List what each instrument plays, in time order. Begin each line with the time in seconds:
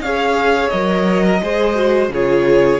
0.00 cello C#4, viola G#4, violin C#5 F5
0.69 cello F#3, viola A#4, violin D#5
1.24 violin A#4
1.41 cello G#3, viola G#4, violin C5
1.75 viola F#4
2.09 cello C#3, viola F4, violin G#4 C#5